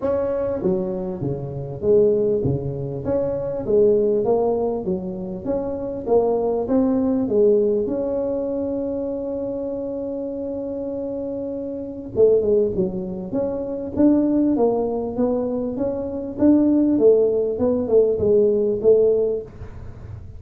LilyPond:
\new Staff \with { instrumentName = "tuba" } { \time 4/4 \tempo 4 = 99 cis'4 fis4 cis4 gis4 | cis4 cis'4 gis4 ais4 | fis4 cis'4 ais4 c'4 | gis4 cis'2.~ |
cis'1 | a8 gis8 fis4 cis'4 d'4 | ais4 b4 cis'4 d'4 | a4 b8 a8 gis4 a4 | }